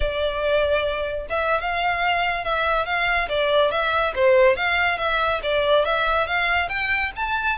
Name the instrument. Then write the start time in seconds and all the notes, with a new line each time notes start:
violin
0.00 D5
1.29 E5
1.60 F5
2.44 E5
2.85 F5
3.28 D5
3.71 E5
4.15 C5
4.56 F5
4.98 E5
5.43 D5
5.85 E5
6.27 F5
6.68 G5
7.15 A5